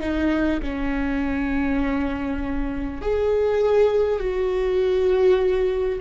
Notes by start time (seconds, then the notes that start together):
0.00 D#4
0.62 C#4
3.01 G#4
4.19 F#4